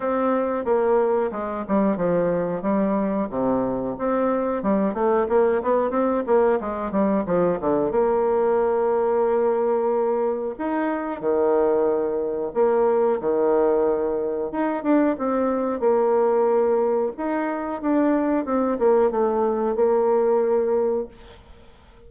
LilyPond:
\new Staff \with { instrumentName = "bassoon" } { \time 4/4 \tempo 4 = 91 c'4 ais4 gis8 g8 f4 | g4 c4 c'4 g8 a8 | ais8 b8 c'8 ais8 gis8 g8 f8 d8 | ais1 |
dis'4 dis2 ais4 | dis2 dis'8 d'8 c'4 | ais2 dis'4 d'4 | c'8 ais8 a4 ais2 | }